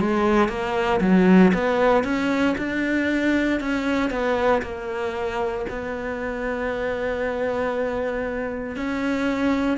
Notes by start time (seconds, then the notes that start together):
0.00 G#3
0.48 A#3
1.01 F#3
1.54 B3
2.04 C#4
2.58 D4
3.60 C#4
4.10 B3
4.62 A#3
5.69 B3
8.76 C#4